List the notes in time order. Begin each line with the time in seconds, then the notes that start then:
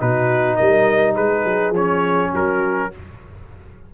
0.00 B2 D#4 F#4 B4
0.56 G3 A#4 D#5
1.14 G#3 G#4 B4
1.45 F#3
1.71 F3 C#4 C#5
2.31 F#3 F#4 A#4